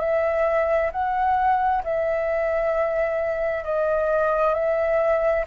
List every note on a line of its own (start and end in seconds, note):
0.00 0.91 E5
0.92 1.83 F#5
1.84 3.64 E5
3.64 4.55 D#5
4.55 5.45 E5